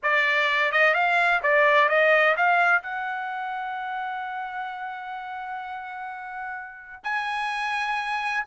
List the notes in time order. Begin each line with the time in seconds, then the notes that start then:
0.03 D5
0.72 D#5
0.94 F5
1.43 D5
1.88 D#5
2.36 F5
2.82 F#5
7.03 G#5